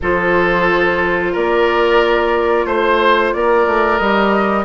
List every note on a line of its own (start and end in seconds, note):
0.01 1.35 F3
0.01 4.00 F4
0.01 1.32 A4
0.01 1.35 C5
1.32 2.65 A#3
1.32 2.65 A#4
1.32 2.66 D5
2.65 3.32 A3
2.65 3.33 C5
3.33 3.66 A#3
3.33 4.65 A#4
3.33 3.98 D5
3.66 3.99 A3
3.98 4.65 G3
3.98 4.65 G4
3.98 4.64 D#5